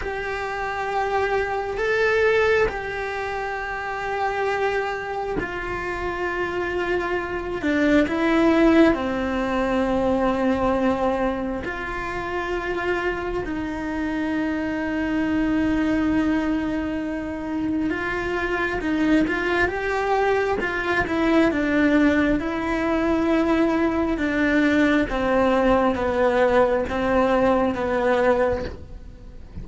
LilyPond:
\new Staff \with { instrumentName = "cello" } { \time 4/4 \tempo 4 = 67 g'2 a'4 g'4~ | g'2 f'2~ | f'8 d'8 e'4 c'2~ | c'4 f'2 dis'4~ |
dis'1 | f'4 dis'8 f'8 g'4 f'8 e'8 | d'4 e'2 d'4 | c'4 b4 c'4 b4 | }